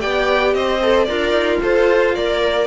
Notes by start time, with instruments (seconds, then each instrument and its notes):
0.00 cello B3, viola G4, violin D5 G5
0.55 cello C4, violin C5 D#5
0.83 viola A4
1.05 cello D4, violin F4 D5, viola A#4
1.32 cello D#4
1.62 cello F4, viola A4, violin C5
2.15 cello A#3, viola A#4, violin D5